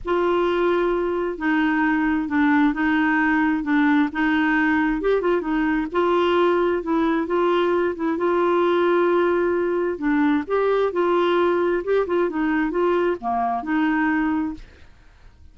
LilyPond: \new Staff \with { instrumentName = "clarinet" } { \time 4/4 \tempo 4 = 132 f'2. dis'4~ | dis'4 d'4 dis'2 | d'4 dis'2 g'8 f'8 | dis'4 f'2 e'4 |
f'4. e'8 f'2~ | f'2 d'4 g'4 | f'2 g'8 f'8 dis'4 | f'4 ais4 dis'2 | }